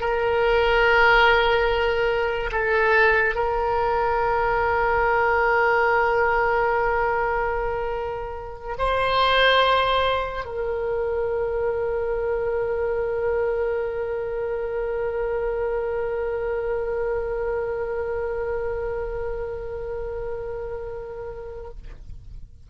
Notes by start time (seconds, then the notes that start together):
0.00 A#4
2.52 A4
3.35 A#4
8.78 C5
10.45 A#4